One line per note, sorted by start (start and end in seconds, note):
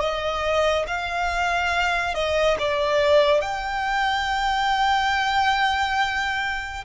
0.00 0.86 D#5
0.87 2.15 F5
2.15 2.58 D#5
2.59 3.41 D5
3.41 6.85 G5